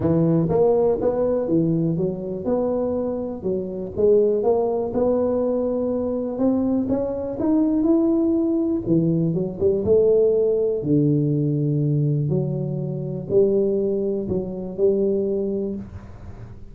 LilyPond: \new Staff \with { instrumentName = "tuba" } { \time 4/4 \tempo 4 = 122 e4 ais4 b4 e4 | fis4 b2 fis4 | gis4 ais4 b2~ | b4 c'4 cis'4 dis'4 |
e'2 e4 fis8 g8 | a2 d2~ | d4 fis2 g4~ | g4 fis4 g2 | }